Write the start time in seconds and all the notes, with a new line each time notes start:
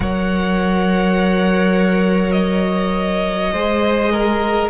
0.00 F#3 A#4 C#5 F#5
2.31 D#5
3.52 G#3 G#4 C5
4.12 A#4